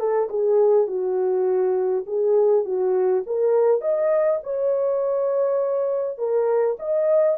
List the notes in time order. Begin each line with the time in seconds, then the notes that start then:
0.00 A4
0.30 G#4
0.88 F#4
2.07 G#4
2.65 F#4
3.27 A#4
3.81 D#5
4.44 C#5
6.18 A#4
6.80 D#5